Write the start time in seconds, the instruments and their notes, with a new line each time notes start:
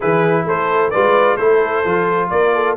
0.00 tuba E3, trombone E4, horn G#4, trumpet B4
0.45 tuba A3, horn A4, trumpet C5
0.90 tuba G#3, trombone F4, horn B4, trumpet D5
1.35 tuba A3, trombone E4, horn A4, trumpet C5
1.84 tuba F3, trombone F4
2.30 tuba A#3, horn A#4, trumpet D5
2.54 horn A4